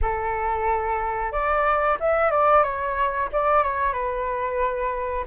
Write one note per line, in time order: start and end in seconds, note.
0.01 1.32 A4
1.32 1.98 D5
1.99 2.30 E5
2.30 2.63 D5
2.63 3.28 C#5
3.32 3.63 D5
3.63 3.93 C#5
3.93 5.24 B4